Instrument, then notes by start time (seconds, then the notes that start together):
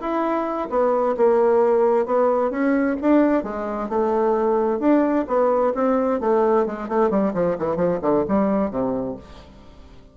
bassoon
0.00 E4
0.70 B3
1.17 A#3
2.06 B3
2.51 C#4
3.01 D4
3.44 G#3
3.89 A3
4.79 D4
5.28 B3
5.75 C4
6.20 A3
6.66 G#3
6.88 A3
7.10 G3
7.34 F3
7.59 E3
7.76 F3
8.02 D3
8.28 G3
8.71 C3